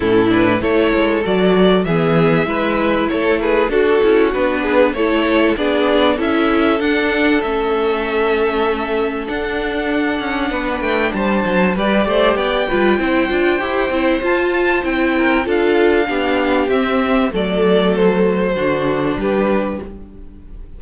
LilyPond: <<
  \new Staff \with { instrumentName = "violin" } { \time 4/4 \tempo 4 = 97 a'8 b'8 cis''4 d''4 e''4~ | e''4 cis''8 b'8 a'4 b'4 | cis''4 d''4 e''4 fis''4 | e''2. fis''4~ |
fis''4. g''8 a''4 d''4 | g''2. a''4 | g''4 f''2 e''4 | d''4 c''2 b'4 | }
  \new Staff \with { instrumentName = "violin" } { \time 4/4 e'4 a'2 gis'4 | b'4 a'8 gis'8 fis'4. gis'8 | a'4 gis'4 a'2~ | a'1~ |
a'4 b'4 c''4 b'8 c''8 | d''8 b'8 c''2.~ | c''8 ais'8 a'4 g'2 | a'2 fis'4 g'4 | }
  \new Staff \with { instrumentName = "viola" } { \time 4/4 cis'8 d'8 e'4 fis'4 b4 | e'2 fis'8 e'8 d'4 | e'4 d'4 e'4 d'4 | cis'2. d'4~ |
d'2. g'4~ | g'8 f'8 e'8 f'8 g'8 e'8 f'4 | e'4 f'4 d'4 c'4 | a2 d'2 | }
  \new Staff \with { instrumentName = "cello" } { \time 4/4 a,4 a8 gis8 fis4 e4 | gis4 a4 d'8 cis'8 b4 | a4 b4 cis'4 d'4 | a2. d'4~ |
d'8 cis'8 b8 a8 g8 fis8 g8 a8 | b8 g8 c'8 d'8 e'8 c'8 f'4 | c'4 d'4 b4 c'4 | fis2 d4 g4 | }
>>